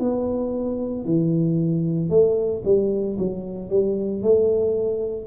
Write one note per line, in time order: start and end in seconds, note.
0.00 1.05 B3
1.05 2.10 E3
2.10 2.63 A3
2.65 3.18 G3
3.19 3.70 F#3
3.70 4.22 G3
4.23 5.27 A3